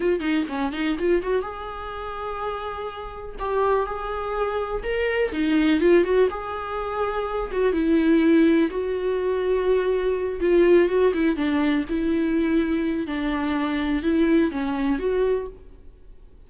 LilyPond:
\new Staff \with { instrumentName = "viola" } { \time 4/4 \tempo 4 = 124 f'8 dis'8 cis'8 dis'8 f'8 fis'8 gis'4~ | gis'2. g'4 | gis'2 ais'4 dis'4 | f'8 fis'8 gis'2~ gis'8 fis'8 |
e'2 fis'2~ | fis'4. f'4 fis'8 e'8 d'8~ | d'8 e'2~ e'8 d'4~ | d'4 e'4 cis'4 fis'4 | }